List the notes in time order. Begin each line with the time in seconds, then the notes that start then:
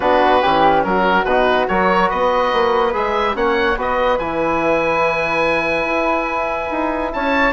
0.00 B3 D4 F#4 B4
0.42 E3 C#4 G4
0.84 F#3 F#4 A#4
1.24 B2 D#4 B4
1.68 F#3 F#4 A#4 C#5
2.09 B3 B4 D#5
2.52 A#3
2.93 G#3 G#4 E5
3.34 A#3 C#4 C#5 F#5
3.76 B3 F#4 B4 D#5
4.18 E3 E4 G#5
5.85 E4
6.70 D#4
7.12 C#4 C#5 A5